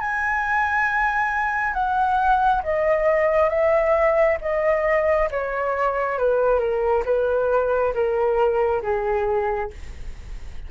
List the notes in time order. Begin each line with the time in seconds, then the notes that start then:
0.00 G#5
1.74 F#5
2.63 D#5
3.49 E5
4.41 D#5
5.31 C#5
6.18 B4
6.59 A#4
7.05 B4
7.94 A#4
8.82 G#4